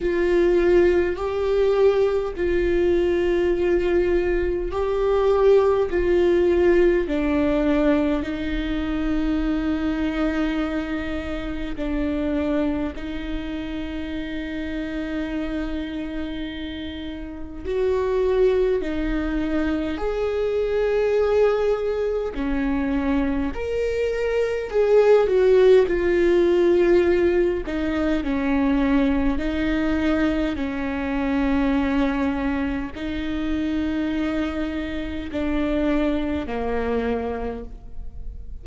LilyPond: \new Staff \with { instrumentName = "viola" } { \time 4/4 \tempo 4 = 51 f'4 g'4 f'2 | g'4 f'4 d'4 dis'4~ | dis'2 d'4 dis'4~ | dis'2. fis'4 |
dis'4 gis'2 cis'4 | ais'4 gis'8 fis'8 f'4. dis'8 | cis'4 dis'4 cis'2 | dis'2 d'4 ais4 | }